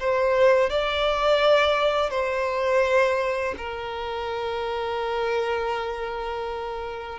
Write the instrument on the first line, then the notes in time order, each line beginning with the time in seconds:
violin
0.00 C5
0.70 D5
2.11 C5
3.58 A#4